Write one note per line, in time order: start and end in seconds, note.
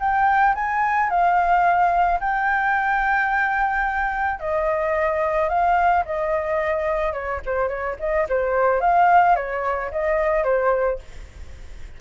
0.00 0.55 G5
0.55 1.10 G#5
1.10 2.20 F5
2.21 4.40 G5
4.40 5.49 D#5
5.49 6.04 F5
6.06 7.13 D#5
7.13 7.41 C#5
7.46 7.68 C5
7.68 7.96 C#5
8.00 8.27 D#5
8.29 8.81 C5
8.81 9.36 F5
9.36 9.91 C#5
9.92 10.44 D#5
10.44 10.99 C5